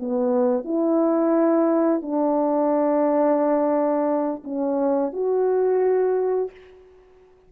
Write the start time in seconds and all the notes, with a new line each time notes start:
0.00 B3
0.65 E4
2.02 D4
4.45 C#4
5.13 F#4